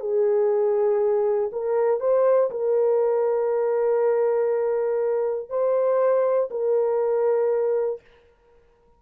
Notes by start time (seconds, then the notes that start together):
0.00 G#4
1.52 A#4
2.00 C5
2.50 A#4
5.49 C5
6.51 A#4